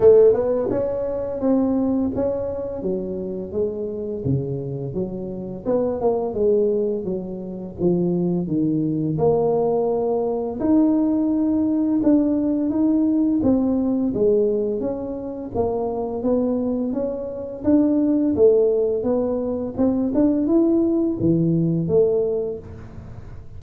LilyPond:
\new Staff \with { instrumentName = "tuba" } { \time 4/4 \tempo 4 = 85 a8 b8 cis'4 c'4 cis'4 | fis4 gis4 cis4 fis4 | b8 ais8 gis4 fis4 f4 | dis4 ais2 dis'4~ |
dis'4 d'4 dis'4 c'4 | gis4 cis'4 ais4 b4 | cis'4 d'4 a4 b4 | c'8 d'8 e'4 e4 a4 | }